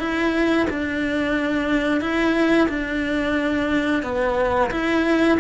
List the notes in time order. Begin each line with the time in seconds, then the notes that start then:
0.00 E4
0.70 D4
2.01 E4
2.69 D4
4.03 B3
4.71 E4